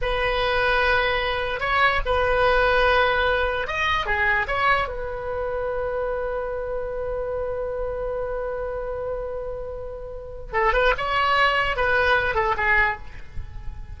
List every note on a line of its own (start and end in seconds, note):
0.01 1.60 B4
1.60 2.00 C#5
2.05 3.67 B4
3.67 4.05 D#5
4.05 4.46 G#4
4.47 4.87 C#5
4.87 10.52 B4
10.52 10.73 A4
10.73 10.93 B4
10.97 11.76 C#5
11.76 12.34 B4
12.34 12.55 A4
12.57 12.97 G#4